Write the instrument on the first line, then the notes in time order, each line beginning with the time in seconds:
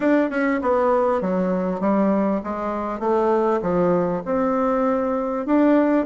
bassoon
0.00 D4
0.30 C#4
0.61 B3
1.21 F#3
1.80 G3
2.43 G#3
2.99 A3
3.61 F3
4.25 C4
5.46 D4